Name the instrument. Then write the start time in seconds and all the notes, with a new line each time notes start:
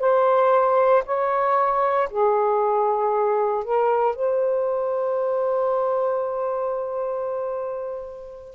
saxophone
0.00 C5
1.05 C#5
2.10 G#4
3.64 A#4
4.16 C5